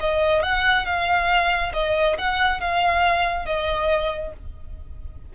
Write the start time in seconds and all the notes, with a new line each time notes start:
0.00 D#5
0.42 F#5
0.85 F5
1.73 D#5
2.18 F#5
2.60 F5
3.46 D#5